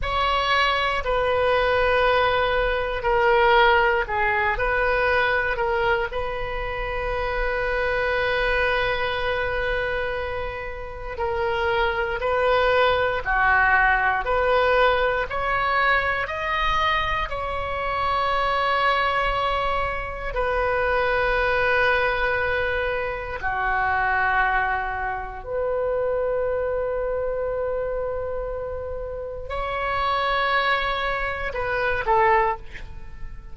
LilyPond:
\new Staff \with { instrumentName = "oboe" } { \time 4/4 \tempo 4 = 59 cis''4 b'2 ais'4 | gis'8 b'4 ais'8 b'2~ | b'2. ais'4 | b'4 fis'4 b'4 cis''4 |
dis''4 cis''2. | b'2. fis'4~ | fis'4 b'2.~ | b'4 cis''2 b'8 a'8 | }